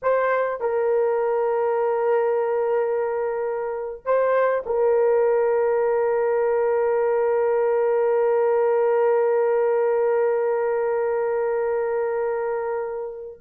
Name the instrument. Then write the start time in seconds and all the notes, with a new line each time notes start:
horn
0.02 C5
0.60 A#4
4.05 C5
4.66 A#4